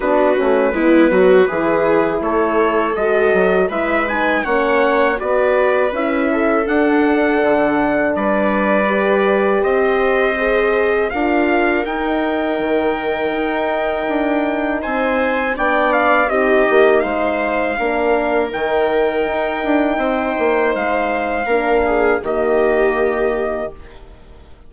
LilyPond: <<
  \new Staff \with { instrumentName = "trumpet" } { \time 4/4 \tempo 4 = 81 b'2. cis''4 | dis''4 e''8 gis''8 fis''4 d''4 | e''4 fis''2 d''4~ | d''4 dis''2 f''4 |
g''1 | gis''4 g''8 f''8 dis''4 f''4~ | f''4 g''2. | f''2 dis''2 | }
  \new Staff \with { instrumentName = "viola" } { \time 4/4 fis'4 e'8 fis'8 gis'4 a'4~ | a'4 b'4 cis''4 b'4~ | b'8 a'2~ a'8 b'4~ | b'4 c''2 ais'4~ |
ais'1 | c''4 d''4 g'4 c''4 | ais'2. c''4~ | c''4 ais'8 gis'8 g'2 | }
  \new Staff \with { instrumentName = "horn" } { \time 4/4 d'8 cis'8 b4 e'2 | fis'4 e'8 dis'8 cis'4 fis'4 | e'4 d'2. | g'2 gis'4 f'4 |
dis'1~ | dis'4 d'4 dis'2 | d'4 dis'2.~ | dis'4 d'4 ais2 | }
  \new Staff \with { instrumentName = "bassoon" } { \time 4/4 b8 a8 gis8 fis8 e4 a4 | gis8 fis8 gis4 ais4 b4 | cis'4 d'4 d4 g4~ | g4 c'2 d'4 |
dis'4 dis4 dis'4 d'4 | c'4 b4 c'8 ais8 gis4 | ais4 dis4 dis'8 d'8 c'8 ais8 | gis4 ais4 dis2 | }
>>